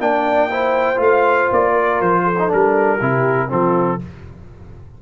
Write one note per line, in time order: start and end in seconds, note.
0.00 1.00 A#3
0.00 0.51 D4
0.00 0.51 D5
0.00 1.01 G5
0.51 0.96 E4
0.51 1.73 C5
0.96 1.50 A3
0.96 2.34 F4
0.96 1.52 F5
1.52 2.01 A#3
1.52 2.01 D5
1.73 2.23 A#4
2.01 2.51 F3
2.01 2.51 C5
2.24 2.99 A4
2.39 2.49 D#4
2.49 3.01 G3
2.49 2.99 D4
2.49 3.51 A#4
2.99 3.51 C3
2.99 3.49 E4
2.99 3.49 G4
3.49 4.01 F3
3.49 3.99 C4
3.49 4.02 F4
3.49 4.01 A4